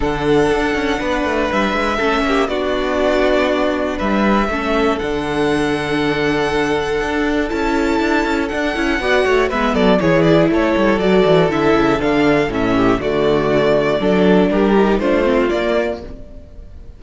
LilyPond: <<
  \new Staff \with { instrumentName = "violin" } { \time 4/4 \tempo 4 = 120 fis''2. e''4~ | e''4 d''2. | e''2 fis''2~ | fis''2. a''4~ |
a''4 fis''2 e''8 d''8 | cis''8 d''8 cis''4 d''4 e''4 | f''4 e''4 d''2~ | d''4 ais'4 c''4 d''4 | }
  \new Staff \with { instrumentName = "violin" } { \time 4/4 a'2 b'2 | a'8 g'8 fis'2. | b'4 a'2.~ | a'1~ |
a'2 d''8 cis''8 b'8 a'8 | gis'4 a'2.~ | a'4. g'8 fis'2 | a'4 g'4 f'2 | }
  \new Staff \with { instrumentName = "viola" } { \time 4/4 d'1 | cis'4 d'2.~ | d'4 cis'4 d'2~ | d'2. e'4~ |
e'4 d'8 e'8 fis'4 b4 | e'2 fis'4 e'4 | d'4 cis'4 a2 | d'4. dis'8 d'8 c'8 ais4 | }
  \new Staff \with { instrumentName = "cello" } { \time 4/4 d4 d'8 cis'8 b8 a8 g8 gis8 | a8 ais8 b2. | g4 a4 d2~ | d2 d'4 cis'4 |
d'8 cis'8 d'8 cis'8 b8 a8 gis8 fis8 | e4 a8 g8 fis8 e8 d8 cis8 | d4 a,4 d2 | fis4 g4 a4 ais4 | }
>>